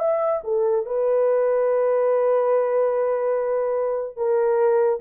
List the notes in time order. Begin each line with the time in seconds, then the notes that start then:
0.00 E5
0.44 A4
0.86 B4
4.17 A#4